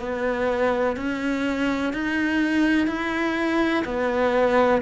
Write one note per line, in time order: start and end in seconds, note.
0.00 0.97 B3
0.97 1.94 C#4
1.94 2.88 D#4
2.88 3.84 E4
3.85 4.82 B3